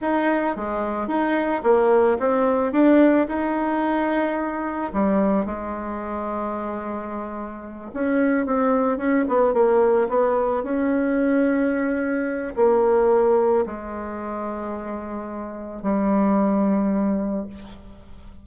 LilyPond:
\new Staff \with { instrumentName = "bassoon" } { \time 4/4 \tempo 4 = 110 dis'4 gis4 dis'4 ais4 | c'4 d'4 dis'2~ | dis'4 g4 gis2~ | gis2~ gis8 cis'4 c'8~ |
c'8 cis'8 b8 ais4 b4 cis'8~ | cis'2. ais4~ | ais4 gis2.~ | gis4 g2. | }